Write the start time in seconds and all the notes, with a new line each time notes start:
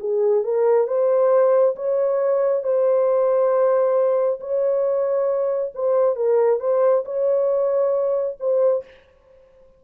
0.00 G#4
0.44 A#4
0.87 C5
1.76 C#5
2.64 C5
4.40 C#5
5.75 C5
6.16 A#4
6.60 C5
7.05 C#5
8.40 C5